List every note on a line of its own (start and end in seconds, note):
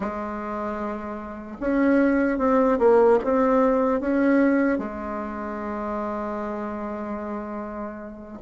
0.00 1.57 G#3
1.60 2.38 C#4
2.38 2.78 C4
2.79 3.19 A#3
3.24 4.00 C4
4.00 4.78 C#4
4.78 8.38 G#3